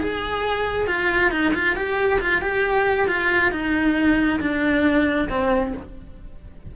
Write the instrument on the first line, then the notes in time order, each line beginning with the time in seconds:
cello
0.00 G#4
0.87 F4
1.31 D#4
1.54 F4
1.75 G4
2.20 F4
2.41 G4
3.07 F4
3.51 D#4
4.40 D4
5.29 C4